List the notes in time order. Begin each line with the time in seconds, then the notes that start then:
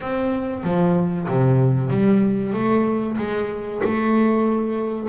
0.00 C4
0.63 F3
1.28 C3
1.89 G3
2.53 A3
3.17 G#3
3.84 A3